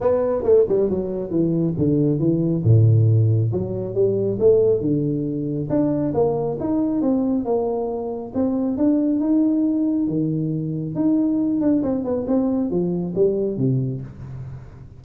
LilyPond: \new Staff \with { instrumentName = "tuba" } { \time 4/4 \tempo 4 = 137 b4 a8 g8 fis4 e4 | d4 e4 a,2 | fis4 g4 a4 d4~ | d4 d'4 ais4 dis'4 |
c'4 ais2 c'4 | d'4 dis'2 dis4~ | dis4 dis'4. d'8 c'8 b8 | c'4 f4 g4 c4 | }